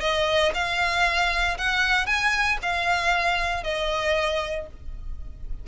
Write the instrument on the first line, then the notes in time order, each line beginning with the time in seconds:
violin
0.00 D#5
0.54 F5
1.58 F#5
2.06 G#5
2.62 F5
3.63 D#5